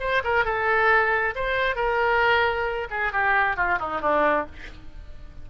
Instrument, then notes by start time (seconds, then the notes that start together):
oboe
0.00 C5
0.24 A#4
0.45 A4
1.35 C5
1.76 A#4
2.91 G#4
3.13 G4
3.57 F4
3.79 D#4
4.01 D4